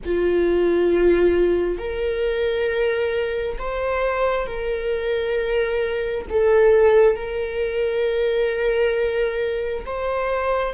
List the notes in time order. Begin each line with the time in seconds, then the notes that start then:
0.04 F4
1.78 A#4
3.58 C5
4.47 A#4
6.29 A4
7.16 A#4
9.85 C5